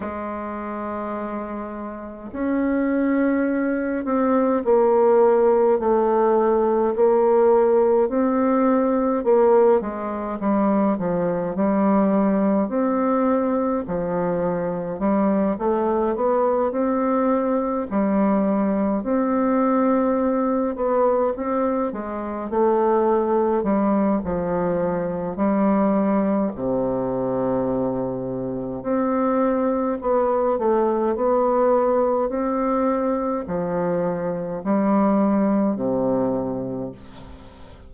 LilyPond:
\new Staff \with { instrumentName = "bassoon" } { \time 4/4 \tempo 4 = 52 gis2 cis'4. c'8 | ais4 a4 ais4 c'4 | ais8 gis8 g8 f8 g4 c'4 | f4 g8 a8 b8 c'4 g8~ |
g8 c'4. b8 c'8 gis8 a8~ | a8 g8 f4 g4 c4~ | c4 c'4 b8 a8 b4 | c'4 f4 g4 c4 | }